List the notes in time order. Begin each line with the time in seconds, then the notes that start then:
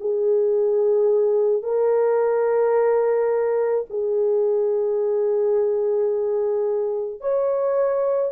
0.00 G#4
1.63 A#4
3.90 G#4
7.21 C#5